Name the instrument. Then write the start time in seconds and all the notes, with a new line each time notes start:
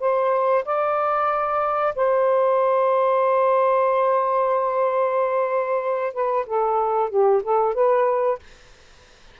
saxophone
0.00 C5
0.65 D5
1.95 C5
6.13 B4
6.46 A4
7.10 G4
7.43 A4
7.74 B4